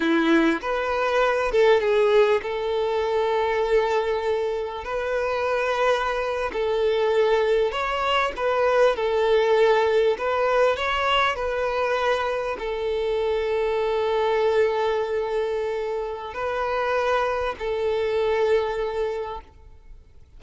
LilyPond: \new Staff \with { instrumentName = "violin" } { \time 4/4 \tempo 4 = 99 e'4 b'4. a'8 gis'4 | a'1 | b'2~ b'8. a'4~ a'16~ | a'8. cis''4 b'4 a'4~ a'16~ |
a'8. b'4 cis''4 b'4~ b'16~ | b'8. a'2.~ a'16~ | a'2. b'4~ | b'4 a'2. | }